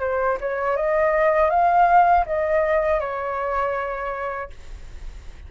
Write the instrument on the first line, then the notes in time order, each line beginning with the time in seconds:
flute
0.00 C5
0.41 C#5
0.76 D#5
1.50 F5
2.26 D#5
3.00 C#5